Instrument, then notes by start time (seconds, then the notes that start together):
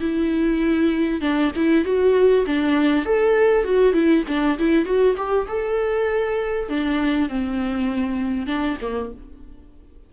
viola
0.00 E4
1.21 D4
1.56 E4
1.85 F#4
2.46 D4
3.05 A4
3.64 F#4
3.93 E4
4.28 D4
4.58 E4
4.85 F#4
5.17 G4
5.48 A4
6.69 D4
7.29 C4
8.47 D4
8.81 A#3